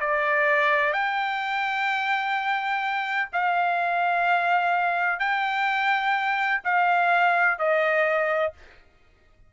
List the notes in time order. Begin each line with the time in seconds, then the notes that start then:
0.00 D5
0.93 G5
3.32 F5
5.19 G5
6.64 F5
7.58 D#5